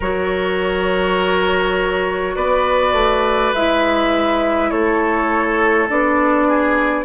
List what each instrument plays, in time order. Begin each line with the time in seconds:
0.00 bassoon F#3, clarinet F#4, oboe A#4, flute C#5
2.35 bassoon B3, oboe B4, flute D5
2.93 bassoon A3
3.53 bassoon G#3, clarinet E4, flute E5
4.70 bassoon A3, oboe A4, flute C#5
5.88 bassoon B3, clarinet D4, flute D5
6.48 oboe G#4